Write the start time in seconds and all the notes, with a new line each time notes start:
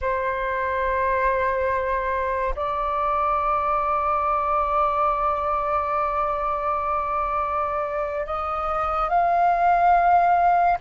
0.01 C5
2.55 D5
8.25 D#5
9.09 F5